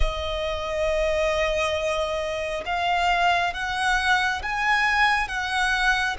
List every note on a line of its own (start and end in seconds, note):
0.00 2.64 D#5
2.65 3.53 F5
3.53 4.42 F#5
4.42 5.27 G#5
5.27 6.16 F#5